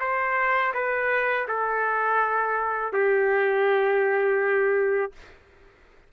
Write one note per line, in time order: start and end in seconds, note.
0.00 0.73 C5
0.74 1.47 B4
1.48 2.93 A4
2.93 5.12 G4